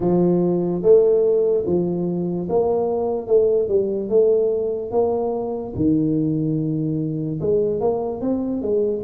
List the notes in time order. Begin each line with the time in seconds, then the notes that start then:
0.00 F3
0.82 A3
1.66 F3
2.49 A#3
3.27 A3
3.68 G3
4.09 A3
4.91 A#3
5.75 D#3
7.40 G#3
7.80 A#3
8.21 C4
8.62 G#3